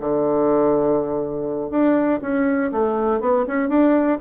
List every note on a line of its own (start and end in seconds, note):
0.00 1.70 D3
1.70 2.20 D4
2.22 2.71 C#4
2.72 3.21 A3
3.21 3.45 B3
3.48 3.69 C#4
3.69 4.18 D4